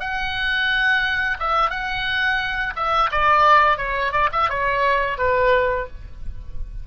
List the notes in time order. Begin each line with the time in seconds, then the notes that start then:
0.00 F#5
1.40 E5
1.71 F#5
2.76 E5
3.12 D5
3.78 C#5
4.12 D5
4.33 E5
4.50 C#5
5.18 B4